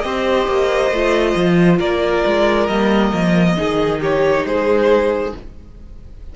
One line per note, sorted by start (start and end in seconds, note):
0.00 0.47 C4
0.00 0.92 G4
0.00 1.78 C5
0.00 1.76 D#5
0.47 0.90 A#3
0.90 1.35 A3
0.90 2.70 F4
1.35 1.79 F3
1.78 2.24 A#3
1.78 3.55 A#4
1.78 2.67 D5
2.26 2.68 G#3
2.67 3.12 G3
2.67 3.57 A#3
2.67 3.99 D#5
3.13 3.57 F3
3.57 4.44 D#3
3.57 5.33 D#4
3.57 4.01 G#4
4.01 4.45 G4
4.01 4.46 C#5
4.44 5.32 G#3
4.44 5.35 G#4
4.44 5.34 C5